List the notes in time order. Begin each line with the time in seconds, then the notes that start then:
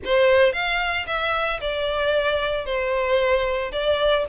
0.04 C5
0.52 F5
1.06 E5
1.60 D5
2.65 C5
3.72 D5